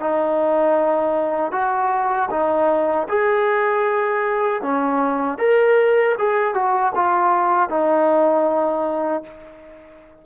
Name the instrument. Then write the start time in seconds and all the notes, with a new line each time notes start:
trombone
0.00 D#4
1.52 F#4
2.31 D#4
3.09 G#4
4.62 C#4
5.38 A#4
6.19 G#4
6.54 F#4
6.95 F4
7.70 D#4